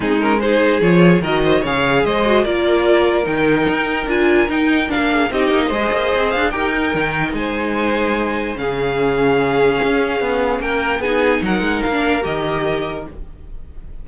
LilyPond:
<<
  \new Staff \with { instrumentName = "violin" } { \time 4/4 \tempo 4 = 147 gis'8 ais'8 c''4 cis''4 dis''4 | f''4 dis''4 d''2 | g''2 gis''4 g''4 | f''4 dis''2~ dis''8 f''8 |
g''2 gis''2~ | gis''4 f''2.~ | f''2 g''4 gis''4 | fis''4 f''4 dis''2 | }
  \new Staff \with { instrumentName = "violin" } { \time 4/4 dis'4 gis'2 ais'8 c''8 | cis''4 c''4 ais'2~ | ais'1~ | ais'8 gis'8 g'4 c''2 |
ais'2 c''2~ | c''4 gis'2.~ | gis'2 ais'4 gis'4 | ais'1 | }
  \new Staff \with { instrumentName = "viola" } { \time 4/4 c'8 cis'8 dis'4 f'4 fis'4 | gis'4. fis'8 f'2 | dis'2 f'4 dis'4 | d'4 dis'4 gis'2 |
g'8 dis'2.~ dis'8~ | dis'4 cis'2.~ | cis'2. dis'4~ | dis'4~ dis'16 d'8. g'2 | }
  \new Staff \with { instrumentName = "cello" } { \time 4/4 gis2 f4 dis4 | cis4 gis4 ais2 | dis4 dis'4 d'4 dis'4 | ais4 c'8 ais8 gis8 ais8 c'8 d'8 |
dis'4 dis4 gis2~ | gis4 cis2. | cis'4 b4 ais4 b4 | fis8 gis8 ais4 dis2 | }
>>